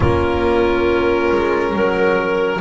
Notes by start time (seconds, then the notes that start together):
0.00 A#3 C#4 F4 A#4
1.31 G#3
1.73 F#3 A#4